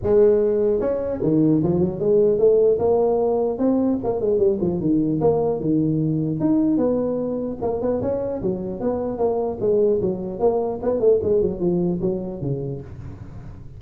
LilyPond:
\new Staff \with { instrumentName = "tuba" } { \time 4/4 \tempo 4 = 150 gis2 cis'4 dis4 | f8 fis8 gis4 a4 ais4~ | ais4 c'4 ais8 gis8 g8 f8 | dis4 ais4 dis2 |
dis'4 b2 ais8 b8 | cis'4 fis4 b4 ais4 | gis4 fis4 ais4 b8 a8 | gis8 fis8 f4 fis4 cis4 | }